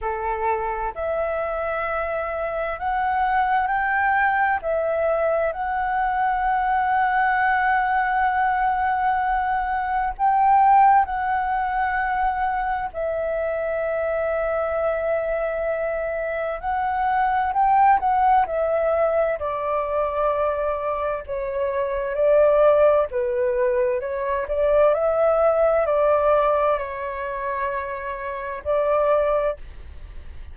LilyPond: \new Staff \with { instrumentName = "flute" } { \time 4/4 \tempo 4 = 65 a'4 e''2 fis''4 | g''4 e''4 fis''2~ | fis''2. g''4 | fis''2 e''2~ |
e''2 fis''4 g''8 fis''8 | e''4 d''2 cis''4 | d''4 b'4 cis''8 d''8 e''4 | d''4 cis''2 d''4 | }